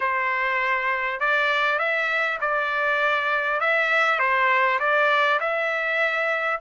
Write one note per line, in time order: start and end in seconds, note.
0.00 1.20 C5
1.20 1.78 D5
1.78 2.38 E5
2.41 3.60 D5
3.60 4.19 E5
4.19 4.79 C5
4.79 5.39 D5
5.39 6.59 E5